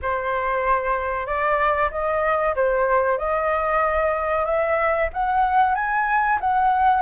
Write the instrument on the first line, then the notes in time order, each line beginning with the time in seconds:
flute
0.01 C5
1.26 D5
1.91 D#5
2.55 C5
3.18 D#5
4.45 E5
5.13 F#5
5.74 G#5
6.40 F#5